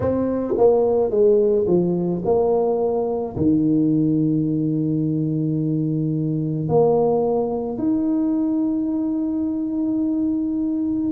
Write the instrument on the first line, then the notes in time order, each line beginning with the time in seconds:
tuba
0.00 C4
0.57 A#3
1.10 G#3
1.67 F3
2.25 A#3
3.36 D#3
6.68 A#3
7.78 D#4